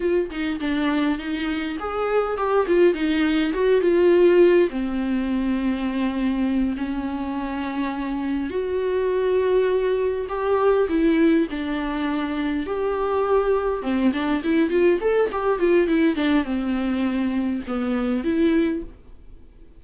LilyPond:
\new Staff \with { instrumentName = "viola" } { \time 4/4 \tempo 4 = 102 f'8 dis'8 d'4 dis'4 gis'4 | g'8 f'8 dis'4 fis'8 f'4. | c'2.~ c'8 cis'8~ | cis'2~ cis'8 fis'4.~ |
fis'4. g'4 e'4 d'8~ | d'4. g'2 c'8 | d'8 e'8 f'8 a'8 g'8 f'8 e'8 d'8 | c'2 b4 e'4 | }